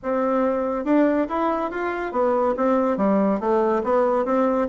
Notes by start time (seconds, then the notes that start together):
0.02 C4
0.84 D4
1.28 E4
1.70 F4
2.12 B3
2.56 C4
2.97 G3
3.40 A3
3.83 B3
4.25 C4